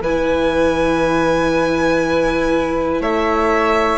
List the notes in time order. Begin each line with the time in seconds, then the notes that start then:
0.00 E3 E4 B4 G#5
3.00 A3 C#5 E5